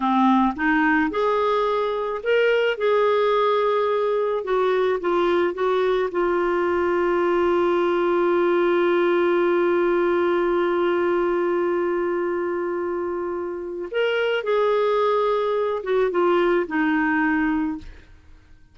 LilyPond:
\new Staff \with { instrumentName = "clarinet" } { \time 4/4 \tempo 4 = 108 c'4 dis'4 gis'2 | ais'4 gis'2. | fis'4 f'4 fis'4 f'4~ | f'1~ |
f'1~ | f'1~ | f'4 ais'4 gis'2~ | gis'8 fis'8 f'4 dis'2 | }